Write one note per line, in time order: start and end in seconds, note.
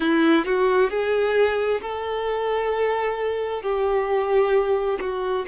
0.00 0.45 E4
0.45 0.90 F#4
0.90 1.81 G#4
1.81 3.62 A4
3.62 4.98 G4
5.00 5.45 F#4